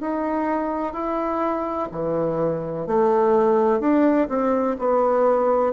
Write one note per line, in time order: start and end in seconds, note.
0.00 0.93 D#4
0.93 1.88 E4
1.91 2.86 E3
2.86 3.80 A3
3.80 4.27 D4
4.29 4.76 C4
4.78 5.72 B3